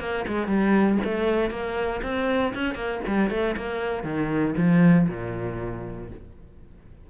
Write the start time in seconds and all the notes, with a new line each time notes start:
0.00 A#3
0.28 G#3
0.48 G3
1.05 A3
1.51 A#3
2.03 C4
2.55 C#4
2.75 A#3
3.08 G3
3.31 A3
3.57 A#3
4.04 D#3
4.58 F3
5.09 A#2